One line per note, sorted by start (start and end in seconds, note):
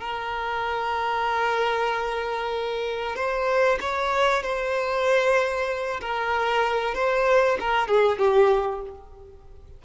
0.00 3.16 A#4
3.16 3.79 C5
3.80 4.43 C#5
4.43 6.01 C5
6.01 6.95 A#4
6.95 7.58 C5
7.60 7.88 A#4
7.88 8.18 G#4
8.18 8.82 G4